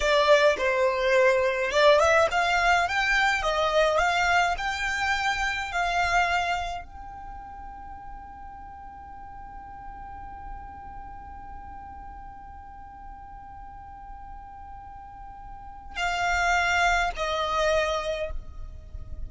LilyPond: \new Staff \with { instrumentName = "violin" } { \time 4/4 \tempo 4 = 105 d''4 c''2 d''8 e''8 | f''4 g''4 dis''4 f''4 | g''2 f''2 | g''1~ |
g''1~ | g''1~ | g''1 | f''2 dis''2 | }